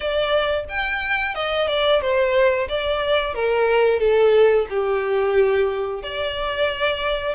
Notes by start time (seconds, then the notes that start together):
0.00 D5
0.68 G5
1.34 D#5
1.67 D5
2.01 C5
2.68 D5
3.34 A#4
3.99 A4
4.69 G4
6.02 D5